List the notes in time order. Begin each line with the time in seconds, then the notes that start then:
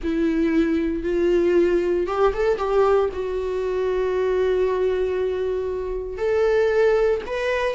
0.03 E4
1.03 F4
2.06 G4
2.33 A4
2.57 G4
3.13 F#4
6.17 A4
7.26 B4